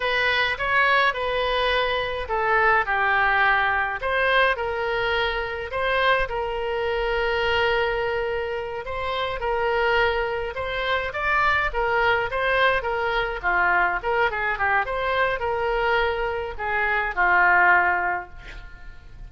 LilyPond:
\new Staff \with { instrumentName = "oboe" } { \time 4/4 \tempo 4 = 105 b'4 cis''4 b'2 | a'4 g'2 c''4 | ais'2 c''4 ais'4~ | ais'2.~ ais'8 c''8~ |
c''8 ais'2 c''4 d''8~ | d''8 ais'4 c''4 ais'4 f'8~ | f'8 ais'8 gis'8 g'8 c''4 ais'4~ | ais'4 gis'4 f'2 | }